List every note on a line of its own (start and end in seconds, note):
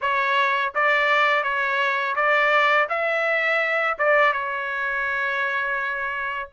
0.01 0.73 C#5
0.74 1.43 D5
1.43 2.15 C#5
2.15 2.88 D5
2.89 3.97 E5
3.98 4.32 D5
4.32 6.49 C#5